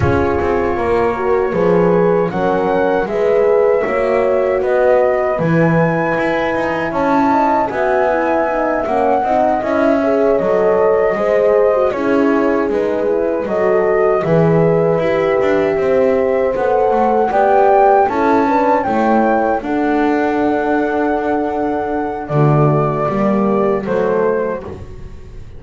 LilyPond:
<<
  \new Staff \with { instrumentName = "flute" } { \time 4/4 \tempo 4 = 78 cis''2. fis''4 | e''2 dis''4 gis''4~ | gis''4 a''4 gis''4. fis''8~ | fis''8 e''4 dis''2 cis''8~ |
cis''8 b'4 dis''4 e''4.~ | e''4. fis''4 g''4 a''8~ | a''8 g''4 fis''2~ fis''8~ | fis''4 d''2 c''4 | }
  \new Staff \with { instrumentName = "horn" } { \time 4/4 gis'4 ais'4 b'4 ais'4 | b'4 cis''4 b'2~ | b'4 cis''8 dis''8 e''2 | dis''4 cis''4. c''4 gis'8~ |
gis'4. a'4 b'4.~ | b'8 c''2 d''4 a'8 | b'8 cis''4 a'2~ a'8~ | a'4 fis'4 g'4 a'4 | }
  \new Staff \with { instrumentName = "horn" } { \time 4/4 f'4. fis'8 gis'4 cis'4 | gis'4 fis'2 e'4~ | e'2 fis'8 e'8 dis'8 cis'8 | dis'8 e'8 gis'8 a'4 gis'8. fis'16 e'8~ |
e'8 dis'8 e'8 fis'4 gis'4 g'8~ | g'4. a'4 g'4 e'8 | d'8 e'4 d'2~ d'8~ | d'4 a4 ais4 a4 | }
  \new Staff \with { instrumentName = "double bass" } { \time 4/4 cis'8 c'8 ais4 f4 fis4 | gis4 ais4 b4 e4 | e'8 dis'8 cis'4 b4. ais8 | c'8 cis'4 fis4 gis4 cis'8~ |
cis'8 gis4 fis4 e4 e'8 | d'8 c'4 b8 a8 b4 cis'8~ | cis'8 a4 d'2~ d'8~ | d'4 d4 g4 fis4 | }
>>